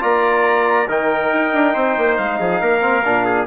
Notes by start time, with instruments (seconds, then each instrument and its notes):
0.00 bassoon A#3, trombone F4, trumpet D5 A#5
0.88 bassoon D#3, trombone D#4, trumpet A#4 G5
1.33 bassoon D#4
1.54 bassoon D4
1.74 bassoon C4, trumpet C5
1.97 bassoon A#3
2.18 bassoon G#3, trumpet F5
2.39 bassoon F3, trumpet G#4
2.61 bassoon A#3, trumpet A#4
2.81 trombone C4
3.05 bassoon A#2, trombone D4
3.25 trumpet G#4